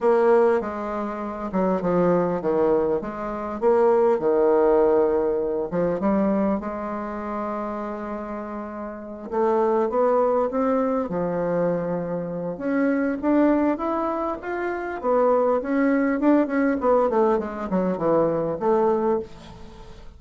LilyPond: \new Staff \with { instrumentName = "bassoon" } { \time 4/4 \tempo 4 = 100 ais4 gis4. fis8 f4 | dis4 gis4 ais4 dis4~ | dis4. f8 g4 gis4~ | gis2.~ gis8 a8~ |
a8 b4 c'4 f4.~ | f4 cis'4 d'4 e'4 | f'4 b4 cis'4 d'8 cis'8 | b8 a8 gis8 fis8 e4 a4 | }